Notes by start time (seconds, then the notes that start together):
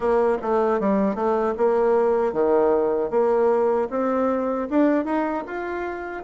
0.00 A#3
0.41 A3
0.80 G3
1.15 A3
1.57 A#3
2.32 D#3
3.10 A#3
3.90 C4
4.70 D4
5.04 D#4
5.47 F4